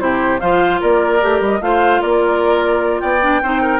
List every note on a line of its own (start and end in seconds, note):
0.00 0.40 C3
0.00 0.40 E4
0.00 0.41 G4
0.00 0.40 C5
0.40 0.82 F3
0.40 1.20 F4
0.40 0.80 C5
0.40 0.80 F5
0.80 1.23 A#3
0.80 1.60 A#4
0.80 1.42 D5
1.20 1.41 A3
1.20 1.60 G4
1.41 1.61 G3
1.41 1.62 D#5
1.61 2.01 A3
1.61 3.21 F4
1.61 2.02 C5
1.61 2.02 F5
2.02 3.02 A#3
2.02 3.02 A#4
2.02 3.00 D5
3.00 3.42 B3
3.00 3.42 D5
3.00 3.80 G5
3.21 3.41 D4
3.42 3.80 C4
3.42 3.80 D#4
3.42 3.62 C5
3.62 3.80 A#4